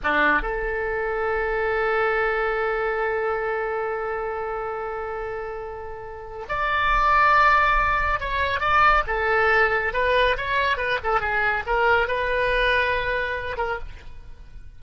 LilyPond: \new Staff \with { instrumentName = "oboe" } { \time 4/4 \tempo 4 = 139 d'4 a'2.~ | a'1~ | a'1~ | a'2. d''4~ |
d''2. cis''4 | d''4 a'2 b'4 | cis''4 b'8 a'8 gis'4 ais'4 | b'2.~ b'8 ais'8 | }